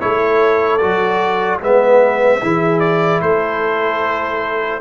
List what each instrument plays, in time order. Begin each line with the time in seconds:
0.00 tuba A3, trombone E4, horn A4, trumpet C#5
0.78 tuba F#3, trombone F#4, trumpet D5
1.61 tuba G#3, trombone B3, horn B4, trumpet E5
2.42 tuba E3, trombone E4, horn G#4
2.80 trumpet D5
3.22 tuba A3, horn A4, trumpet C5